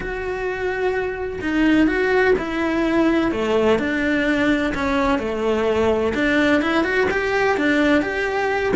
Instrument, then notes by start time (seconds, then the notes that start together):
cello
0.00 F#4
1.41 D#4
1.87 F#4
2.38 E4
3.31 A3
3.78 D4
4.74 C#4
5.18 A3
6.14 D4
6.61 E4
6.84 F#4
7.11 G4
7.57 D4
8.02 G4